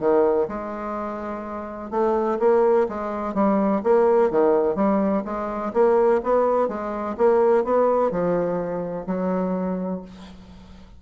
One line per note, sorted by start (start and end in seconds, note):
0.00 0.48 D#3
0.49 1.91 G#3
1.91 2.39 A3
2.40 2.87 A#3
2.89 3.35 G#3
3.35 3.82 G3
3.84 4.31 A#3
4.31 4.76 D#3
4.76 5.23 G3
5.25 5.73 G#3
5.74 6.21 A#3
6.24 6.68 B3
6.68 7.16 G#3
7.18 7.65 A#3
7.65 8.11 B3
8.11 9.06 F3
9.07 10.02 F#3